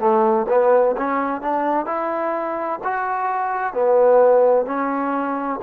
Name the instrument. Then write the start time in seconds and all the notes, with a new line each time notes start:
trombone
0.00 A3
0.49 B3
0.98 C#4
1.42 D4
1.86 E4
2.84 F#4
3.74 B3
4.67 C#4